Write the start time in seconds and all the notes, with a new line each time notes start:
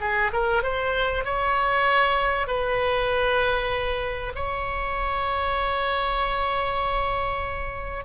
0.00 G#4
0.33 A#4
0.63 C5
1.25 C#5
2.47 B4
4.35 C#5